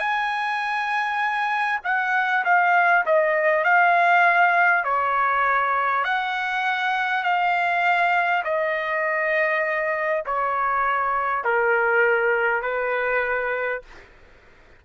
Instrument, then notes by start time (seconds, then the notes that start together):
trumpet
0.00 G#5
1.85 F#5
2.45 F5
3.07 D#5
3.65 F5
4.85 C#5
6.04 F#5
7.24 F5
8.44 D#5
10.27 C#5
11.44 A#4
12.63 B4